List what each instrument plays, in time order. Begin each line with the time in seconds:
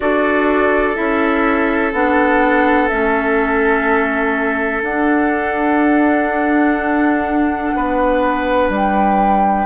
0.00 bassoon D4, clarinet F#4, oboe A4, flute D5
0.94 bassoon C#4, clarinet E4, flute E5
1.92 bassoon B3, clarinet D4, flute F#5
2.88 bassoon A3, clarinet C#4, flute E5
4.82 bassoon D4, clarinet D4, flute F#5
7.74 bassoon B3, oboe B4
8.69 bassoon G3, flute G5